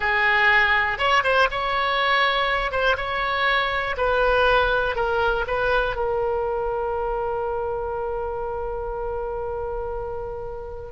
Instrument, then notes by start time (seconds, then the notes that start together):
oboe
0.00 G#4
0.98 C#5
1.23 C5
1.51 C#5
2.71 C5
2.96 C#5
3.97 B4
4.95 A#4
5.47 B4
5.96 A#4